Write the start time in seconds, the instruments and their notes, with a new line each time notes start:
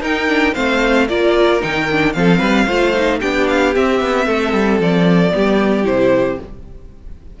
0.00 cello D#4, viola D#4, violin A#4 G5
0.27 viola D4
0.54 cello A3, viola C4, violin C5 F5
1.08 cello A#3, viola F4, violin A#4 D5
1.60 cello D#3, viola D#4, violin G5
1.91 viola D4
2.12 cello F3, viola C4, violin A4 F5
2.38 cello G3, violin B4
2.66 cello A3, viola F4, violin C5
2.94 viola D#4
3.19 cello B3, viola D4, violin G4 G5
3.48 violin F5
3.74 viola C4, cello C4, violin E5
4.00 cello B3
4.26 cello A3, violin A4
4.53 cello G3
4.79 cello F3, violin D5
5.31 cello G3, viola B3, violin G4
5.83 cello C3, viola E4, violin C5